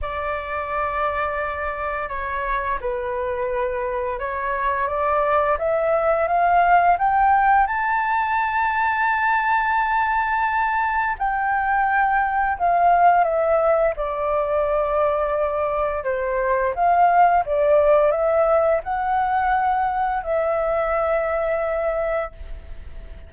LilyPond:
\new Staff \with { instrumentName = "flute" } { \time 4/4 \tempo 4 = 86 d''2. cis''4 | b'2 cis''4 d''4 | e''4 f''4 g''4 a''4~ | a''1 |
g''2 f''4 e''4 | d''2. c''4 | f''4 d''4 e''4 fis''4~ | fis''4 e''2. | }